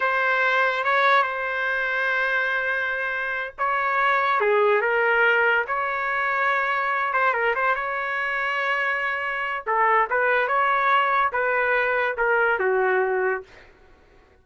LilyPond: \new Staff \with { instrumentName = "trumpet" } { \time 4/4 \tempo 4 = 143 c''2 cis''4 c''4~ | c''1~ | c''8 cis''2 gis'4 ais'8~ | ais'4. cis''2~ cis''8~ |
cis''4 c''8 ais'8 c''8 cis''4.~ | cis''2. a'4 | b'4 cis''2 b'4~ | b'4 ais'4 fis'2 | }